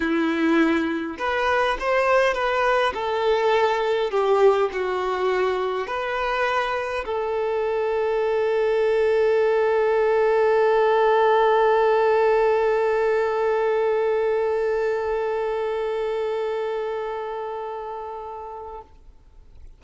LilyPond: \new Staff \with { instrumentName = "violin" } { \time 4/4 \tempo 4 = 102 e'2 b'4 c''4 | b'4 a'2 g'4 | fis'2 b'2 | a'1~ |
a'1~ | a'1~ | a'1~ | a'1 | }